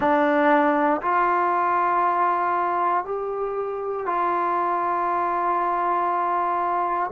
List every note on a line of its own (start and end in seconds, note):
0.00 1.01 D4
1.01 3.04 F4
3.04 4.05 G4
4.05 7.10 F4